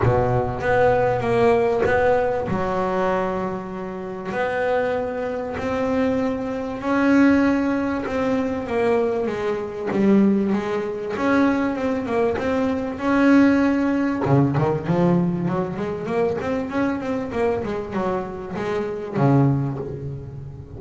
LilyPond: \new Staff \with { instrumentName = "double bass" } { \time 4/4 \tempo 4 = 97 b,4 b4 ais4 b4 | fis2. b4~ | b4 c'2 cis'4~ | cis'4 c'4 ais4 gis4 |
g4 gis4 cis'4 c'8 ais8 | c'4 cis'2 cis8 dis8 | f4 fis8 gis8 ais8 c'8 cis'8 c'8 | ais8 gis8 fis4 gis4 cis4 | }